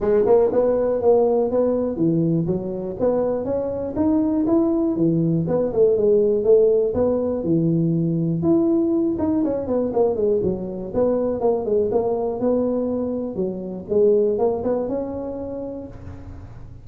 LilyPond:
\new Staff \with { instrumentName = "tuba" } { \time 4/4 \tempo 4 = 121 gis8 ais8 b4 ais4 b4 | e4 fis4 b4 cis'4 | dis'4 e'4 e4 b8 a8 | gis4 a4 b4 e4~ |
e4 e'4. dis'8 cis'8 b8 | ais8 gis8 fis4 b4 ais8 gis8 | ais4 b2 fis4 | gis4 ais8 b8 cis'2 | }